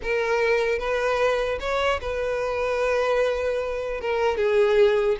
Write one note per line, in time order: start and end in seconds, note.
0.02 0.79 A#4
0.79 1.59 B4
1.59 1.99 C#5
2.01 4.01 B4
4.01 4.37 A#4
4.37 5.17 G#4